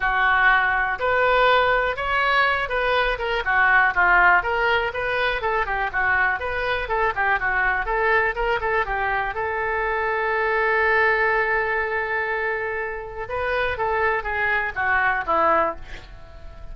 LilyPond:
\new Staff \with { instrumentName = "oboe" } { \time 4/4 \tempo 4 = 122 fis'2 b'2 | cis''4. b'4 ais'8 fis'4 | f'4 ais'4 b'4 a'8 g'8 | fis'4 b'4 a'8 g'8 fis'4 |
a'4 ais'8 a'8 g'4 a'4~ | a'1~ | a'2. b'4 | a'4 gis'4 fis'4 e'4 | }